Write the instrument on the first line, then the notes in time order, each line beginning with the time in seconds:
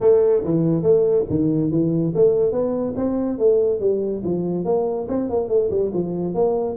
tuba
0.00 A3
0.44 E3
0.82 A3
1.29 D#3
1.71 E3
2.14 A3
2.51 B3
2.96 C4
3.38 A3
3.80 G3
4.23 F3
4.64 A#3
5.08 C4
5.29 A#3
5.48 A3
5.70 G3
5.93 F3
6.34 A#3